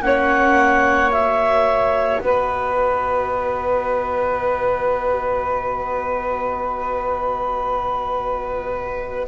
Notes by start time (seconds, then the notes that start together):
0.00 A#3 C#4 C#5 F#5
1.10 F#4 E5
2.20 B3 B4 D#5